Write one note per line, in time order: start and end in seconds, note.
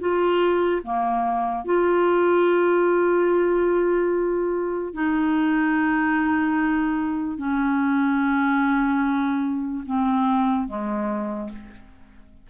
0.00 0.82 F4
0.83 1.65 A#3
1.65 4.94 F4
4.94 7.38 D#4
7.38 9.84 C#4
9.86 10.68 C4
10.68 11.50 G#3